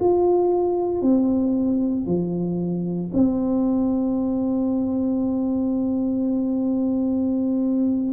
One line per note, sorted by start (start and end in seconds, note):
0.00 1.01 F4
1.01 2.06 C4
2.06 3.11 F3
3.13 8.13 C4